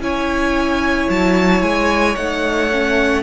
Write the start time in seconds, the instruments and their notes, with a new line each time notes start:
0.00 cello C#4, viola E4, violin C#5 G#5
1.09 cello F#3, violin A5
1.62 cello G#3, violin G#5
2.16 cello A3, viola D#4, violin F#5
2.71 viola C#4